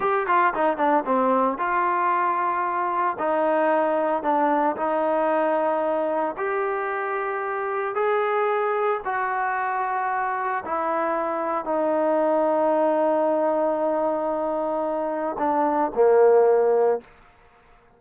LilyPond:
\new Staff \with { instrumentName = "trombone" } { \time 4/4 \tempo 4 = 113 g'8 f'8 dis'8 d'8 c'4 f'4~ | f'2 dis'2 | d'4 dis'2. | g'2. gis'4~ |
gis'4 fis'2. | e'2 dis'2~ | dis'1~ | dis'4 d'4 ais2 | }